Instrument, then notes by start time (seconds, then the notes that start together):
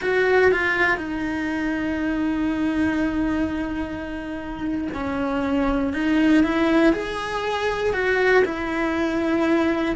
cello
0.01 F#4
0.51 F4
0.97 D#4
4.94 C#4
5.93 D#4
6.43 E4
6.93 G#4
7.93 F#4
8.44 E4